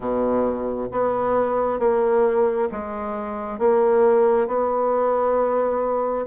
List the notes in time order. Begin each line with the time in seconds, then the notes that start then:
0.00 B2
0.91 B3
1.79 A#3
2.71 G#3
3.58 A#3
4.47 B3